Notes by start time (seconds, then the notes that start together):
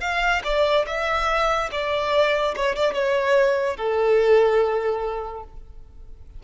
0.00 F5
0.44 D5
0.86 E5
1.71 D5
2.55 C#5
2.75 D5
2.93 C#5
3.77 A4